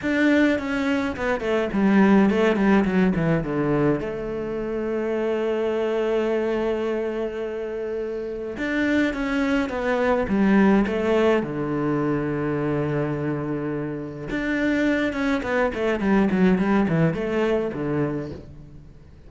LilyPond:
\new Staff \with { instrumentName = "cello" } { \time 4/4 \tempo 4 = 105 d'4 cis'4 b8 a8 g4 | a8 g8 fis8 e8 d4 a4~ | a1~ | a2. d'4 |
cis'4 b4 g4 a4 | d1~ | d4 d'4. cis'8 b8 a8 | g8 fis8 g8 e8 a4 d4 | }